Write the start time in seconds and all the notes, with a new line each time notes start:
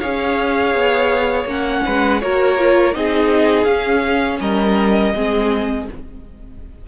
0.00 C#4 G#4 C#5 F5
0.74 B3
1.45 A#3 C#4 F#5
1.85 G#3 B4
2.21 A#3 F#4 A#4 C#5
2.58 F4
2.93 C4 D#4 G#4 D#5
3.64 C#4 F5
4.40 G3 A#4 D#5
5.13 G#3 C4 G#4